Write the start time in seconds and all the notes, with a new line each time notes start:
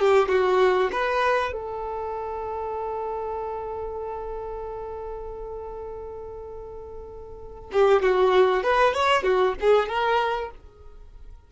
0.00 G4
0.29 F#4
0.92 B4
1.52 A4
7.73 G4
8.02 F#4
8.63 B4
8.94 C#5
9.23 F#4
9.60 G#4
9.89 A#4